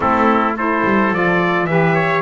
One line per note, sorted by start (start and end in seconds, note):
0.00 0.82 A3
0.00 0.53 C4
0.00 0.56 E4
0.00 0.56 A4
0.56 1.13 E4
0.56 1.69 A4
0.56 1.14 C5
0.83 1.11 G3
1.11 1.67 F3
1.11 1.68 F4
1.11 1.66 D5
1.66 2.21 E3
1.66 2.21 G4
1.66 1.94 B4
1.66 2.21 E5
1.94 2.21 C#5